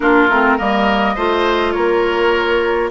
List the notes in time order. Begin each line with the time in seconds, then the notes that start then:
0.00 A#3 D4 F4 A#4
0.29 A3 C4
0.57 G3 A#3 A#4 D#5
1.15 A3 F4 C5
1.72 A#3 A#4 C#5